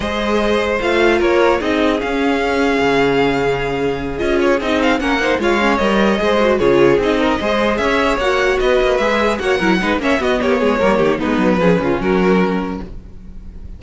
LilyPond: <<
  \new Staff \with { instrumentName = "violin" } { \time 4/4 \tempo 4 = 150 dis''2 f''4 cis''4 | dis''4 f''2.~ | f''2~ f''8 dis''8 cis''8 dis''8 | f''8 fis''4 f''4 dis''4.~ |
dis''8 cis''4 dis''2 e''8~ | e''8 fis''4 dis''4 e''4 fis''8~ | fis''4 e''8 dis''8 cis''2 | b'2 ais'2 | }
  \new Staff \with { instrumentName = "violin" } { \time 4/4 c''2. ais'4 | gis'1~ | gis'1~ | gis'8 ais'8 c''8 cis''2 c''8~ |
c''8 gis'4. ais'8 c''4 cis''8~ | cis''4. b'2 cis''8 | ais'8 b'8 cis''8 fis'8 g'8 gis'8 ais'8 g'8 | dis'4 gis'8 f'8 fis'2 | }
  \new Staff \with { instrumentName = "viola" } { \time 4/4 gis'2 f'2 | dis'4 cis'2.~ | cis'2~ cis'8 f'4 dis'8~ | dis'8 cis'8 dis'8 f'8 cis'8 ais'4 gis'8 |
fis'8 f'4 dis'4 gis'4.~ | gis'8 fis'2 gis'4 fis'8 | e'8 dis'8 cis'8 b4. ais4 | b4 cis'2. | }
  \new Staff \with { instrumentName = "cello" } { \time 4/4 gis2 a4 ais4 | c'4 cis'2 cis4~ | cis2~ cis8 cis'4 c'8~ | c'8 ais4 gis4 g4 gis8~ |
gis8 cis4 c'4 gis4 cis'8~ | cis'8 ais4 b8 ais8 gis4 ais8 | fis8 gis8 ais8 b8 ais8 gis8 g8 dis8 | gis8 fis8 f8 cis8 fis2 | }
>>